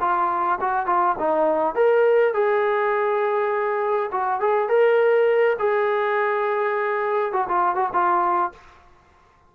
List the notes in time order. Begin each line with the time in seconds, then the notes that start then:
0.00 F4
0.60 F#4
0.86 F4
1.19 D#4
1.75 A#4
2.33 G#4
4.12 F#4
4.40 G#4
4.68 A#4
5.59 G#4
7.33 F#4
7.48 F4
7.75 F#4
7.93 F4